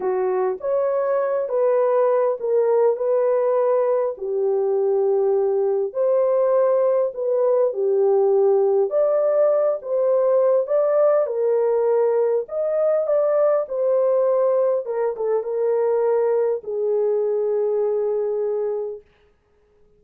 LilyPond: \new Staff \with { instrumentName = "horn" } { \time 4/4 \tempo 4 = 101 fis'4 cis''4. b'4. | ais'4 b'2 g'4~ | g'2 c''2 | b'4 g'2 d''4~ |
d''8 c''4. d''4 ais'4~ | ais'4 dis''4 d''4 c''4~ | c''4 ais'8 a'8 ais'2 | gis'1 | }